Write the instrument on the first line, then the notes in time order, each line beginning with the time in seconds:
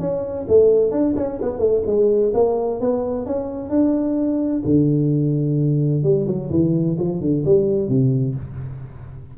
tuba
0.00 C#4
0.49 A3
0.92 D4
1.17 C#4
1.42 B3
1.59 A3
1.87 G#3
2.34 A#3
2.81 B3
3.26 C#4
3.70 D4
4.65 D3
6.04 G3
6.27 F#3
6.51 E3
6.99 F3
7.21 D3
7.46 G3
7.89 C3